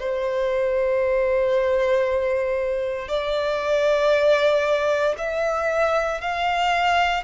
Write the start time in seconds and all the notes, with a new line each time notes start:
0.00 C5
3.08 D5
5.18 E5
6.21 F5